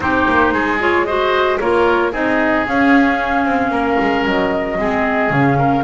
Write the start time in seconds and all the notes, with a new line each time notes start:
0.00 C4 D#4 G4 C5
0.28 A#3
0.52 G#3 G#4
0.79 F4 C#5
1.05 F#4 C5 D#5
1.59 A#3 F4 A#4 C#5
2.12 C4 D#4 G#4 D#5
2.66 C#4 F5
3.45 C4
3.70 A#3 A#4
4.00 G#3
4.25 F#3 D#5
4.78 G#3 C4 G#4
5.30 C#3 C#4 F5
5.57 A#4